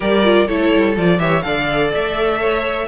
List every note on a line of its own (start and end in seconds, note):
0.00 0.48 G3
0.00 0.23 G4
0.00 0.47 A#4
0.00 0.47 D5
0.23 0.47 F4
0.47 0.73 A3
0.47 0.96 E4
0.47 1.19 A4
0.47 0.95 C#5
0.73 0.97 G3
0.97 1.18 F3
0.97 1.18 F4
0.97 1.19 D5
1.18 1.42 E3
1.18 1.42 G4
1.18 1.44 C#5
1.18 1.42 E5
1.42 1.92 D3
1.42 2.87 A4
1.42 2.39 D5
1.42 1.90 F5
1.94 2.87 A3
1.94 2.87 E5
2.39 2.87 C#5